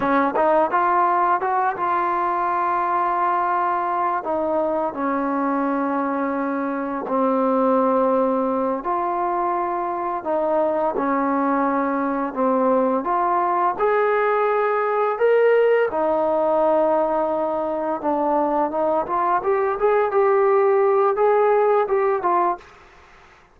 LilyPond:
\new Staff \with { instrumentName = "trombone" } { \time 4/4 \tempo 4 = 85 cis'8 dis'8 f'4 fis'8 f'4.~ | f'2 dis'4 cis'4~ | cis'2 c'2~ | c'8 f'2 dis'4 cis'8~ |
cis'4. c'4 f'4 gis'8~ | gis'4. ais'4 dis'4.~ | dis'4. d'4 dis'8 f'8 g'8 | gis'8 g'4. gis'4 g'8 f'8 | }